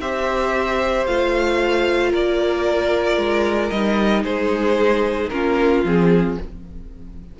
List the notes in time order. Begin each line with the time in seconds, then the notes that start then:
0.00 C4 G4 C5 E5
1.06 A3 F4 F5
2.11 A#3 A#4 D5
3.17 G#3
3.70 G3 D#4 D#5
4.24 G#3 G#4 C5
5.29 A#3 C#4 F4 A#4
5.84 F3 C4 G#4